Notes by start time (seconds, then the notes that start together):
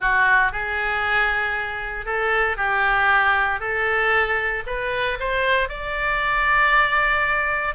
0.00 F#4
0.52 G#4
2.05 A4
2.57 G4
3.59 A4
4.66 B4
5.19 C5
5.68 D5